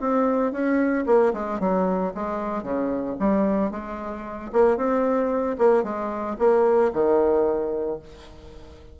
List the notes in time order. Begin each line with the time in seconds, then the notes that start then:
0.00 C4
0.52 C#4
1.06 A#3
1.33 G#3
1.60 F#3
2.14 G#3
2.63 C#3
3.19 G3
3.71 G#3
4.53 A#3
4.77 C4
5.58 A#3
5.83 G#3
6.38 A#3
6.93 D#3